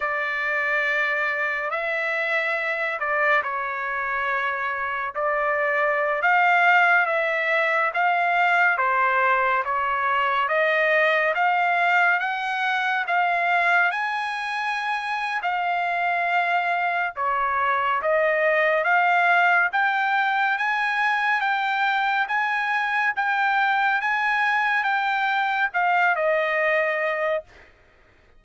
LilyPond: \new Staff \with { instrumentName = "trumpet" } { \time 4/4 \tempo 4 = 70 d''2 e''4. d''8 | cis''2 d''4~ d''16 f''8.~ | f''16 e''4 f''4 c''4 cis''8.~ | cis''16 dis''4 f''4 fis''4 f''8.~ |
f''16 gis''4.~ gis''16 f''2 | cis''4 dis''4 f''4 g''4 | gis''4 g''4 gis''4 g''4 | gis''4 g''4 f''8 dis''4. | }